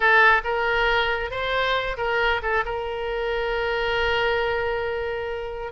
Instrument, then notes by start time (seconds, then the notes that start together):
oboe
0.00 A4
0.44 A#4
1.30 C5
1.97 A#4
2.42 A4
2.65 A#4